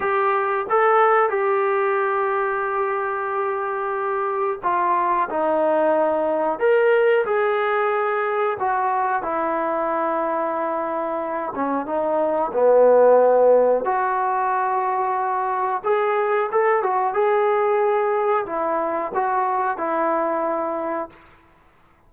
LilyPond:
\new Staff \with { instrumentName = "trombone" } { \time 4/4 \tempo 4 = 91 g'4 a'4 g'2~ | g'2. f'4 | dis'2 ais'4 gis'4~ | gis'4 fis'4 e'2~ |
e'4. cis'8 dis'4 b4~ | b4 fis'2. | gis'4 a'8 fis'8 gis'2 | e'4 fis'4 e'2 | }